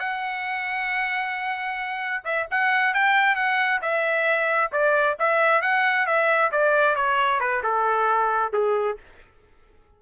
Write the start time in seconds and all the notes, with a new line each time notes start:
0.00 F#5
2.25 E5
2.51 F#5
2.94 G5
3.36 F#5
3.82 E5
4.72 D5
5.19 E5
5.62 F#5
6.07 E5
6.52 D5
6.96 C#5
7.40 B4
7.63 A4
8.53 G#4